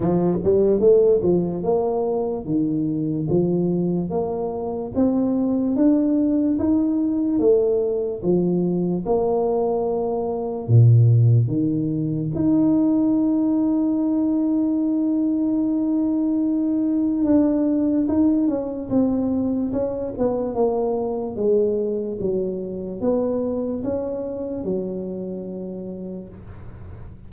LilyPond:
\new Staff \with { instrumentName = "tuba" } { \time 4/4 \tempo 4 = 73 f8 g8 a8 f8 ais4 dis4 | f4 ais4 c'4 d'4 | dis'4 a4 f4 ais4~ | ais4 ais,4 dis4 dis'4~ |
dis'1~ | dis'4 d'4 dis'8 cis'8 c'4 | cis'8 b8 ais4 gis4 fis4 | b4 cis'4 fis2 | }